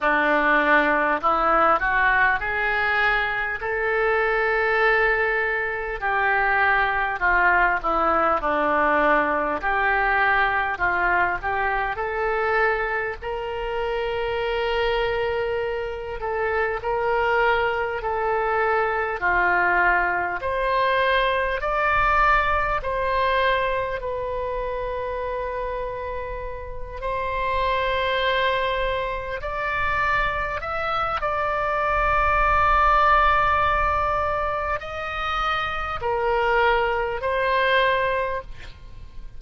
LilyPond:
\new Staff \with { instrumentName = "oboe" } { \time 4/4 \tempo 4 = 50 d'4 e'8 fis'8 gis'4 a'4~ | a'4 g'4 f'8 e'8 d'4 | g'4 f'8 g'8 a'4 ais'4~ | ais'4. a'8 ais'4 a'4 |
f'4 c''4 d''4 c''4 | b'2~ b'8 c''4.~ | c''8 d''4 e''8 d''2~ | d''4 dis''4 ais'4 c''4 | }